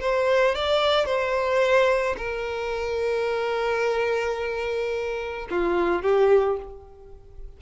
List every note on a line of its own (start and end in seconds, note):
0.00 0.55 C5
0.55 1.06 D5
1.06 2.16 C5
2.17 5.48 A#4
5.50 6.02 F4
6.02 6.57 G4